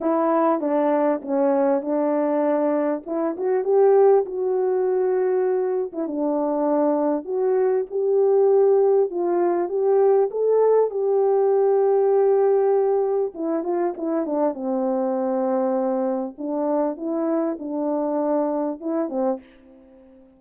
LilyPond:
\new Staff \with { instrumentName = "horn" } { \time 4/4 \tempo 4 = 99 e'4 d'4 cis'4 d'4~ | d'4 e'8 fis'8 g'4 fis'4~ | fis'4.~ fis'16 e'16 d'2 | fis'4 g'2 f'4 |
g'4 a'4 g'2~ | g'2 e'8 f'8 e'8 d'8 | c'2. d'4 | e'4 d'2 e'8 c'8 | }